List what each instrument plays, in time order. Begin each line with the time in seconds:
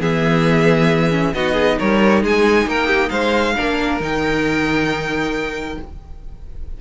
0.00 cello E3, viola B3, violin G#4 E5
1.10 viola C#4
1.34 cello B3, viola D#4, violin F#4 D#5
1.53 violin G#4
1.79 cello G3, violin A#4 C#5
2.22 cello G#3, violin G#4 G#5
2.66 cello A#3, violin A#4 G5
2.87 violin G4
3.09 cello G#3, violin C5 F5
3.56 cello A#3, viola D4, violin A#4
4.00 cello D#3, viola D#4, violin G5